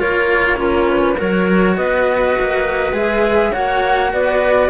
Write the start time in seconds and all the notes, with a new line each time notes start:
0.00 A#3 F4 A#4 C#5
0.57 C#4 F4 A#4
0.90 B4
1.17 F#3 F#4 A#4 C#5
1.77 B3 B4 D#5
2.40 A#3
2.93 G#3 G#4 E5
3.52 A#3 F#4 C#5 F#5
4.13 B3 B4 D5